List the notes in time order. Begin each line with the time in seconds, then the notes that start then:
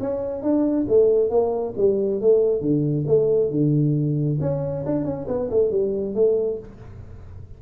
0.00 C#4
0.42 D4
0.88 A3
1.29 A#3
1.77 G3
2.21 A3
2.60 D3
3.07 A3
3.50 D3
4.40 C#4
4.85 D4
5.04 C#4
5.27 B3
5.50 A3
5.71 G3
6.15 A3